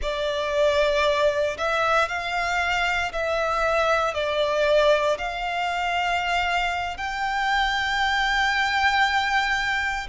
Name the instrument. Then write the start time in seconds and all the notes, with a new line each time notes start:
violin
0.01 D5
1.58 E5
2.08 F5
3.12 E5
4.14 D5
5.18 F5
6.97 G5